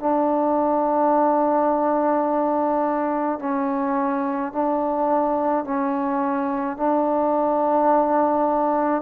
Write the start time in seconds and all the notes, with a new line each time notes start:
0.00 D4
3.40 C#4
4.53 D4
5.64 C#4
6.77 D4